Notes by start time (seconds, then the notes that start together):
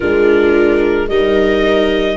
0.00 G#3 D4 F4 A#4
1.08 G3 D#4 A#4 D#5